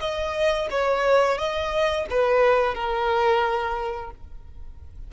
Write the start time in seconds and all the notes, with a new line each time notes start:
0.00 D#5
0.70 C#5
1.38 D#5
2.10 B4
2.74 A#4